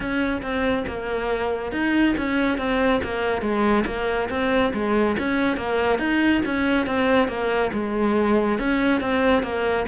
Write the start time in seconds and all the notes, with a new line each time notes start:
0.00 C#4
0.41 C4
0.87 A#3
1.72 D#4
2.17 C#4
2.58 C4
3.03 A#3
3.41 G#3
3.86 A#3
4.29 C4
4.73 G#3
5.18 C#4
5.56 A#3
5.98 D#4
6.45 C#4
6.86 C4
7.28 A#3
7.73 G#3
8.58 C#4
9.00 C4
9.42 A#3